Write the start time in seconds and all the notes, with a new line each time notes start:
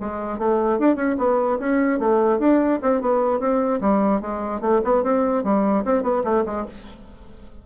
0.00 G#3
0.38 A3
0.79 D4
0.96 C#4
1.18 B3
1.59 C#4
1.99 A3
2.39 D4
2.82 C4
3.01 B3
3.39 C4
3.81 G3
4.21 G#3
4.61 A3
4.84 B3
5.03 C4
5.44 G3
5.85 C4
6.03 B3
6.24 A3
6.45 G#3